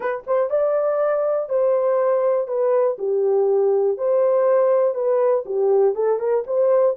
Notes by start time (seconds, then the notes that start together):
0.00 B4
0.26 C5
0.50 D5
1.49 C5
2.47 B4
2.98 G4
3.97 C5
4.94 B4
5.45 G4
5.94 A4
6.19 A#4
6.46 C5